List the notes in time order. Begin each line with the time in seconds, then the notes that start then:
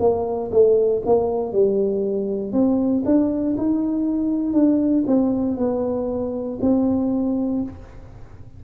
0.00 A#3
0.52 A3
1.06 A#3
1.53 G3
2.53 C4
3.06 D4
3.58 D#4
4.54 D4
5.07 C4
5.57 B3
6.61 C4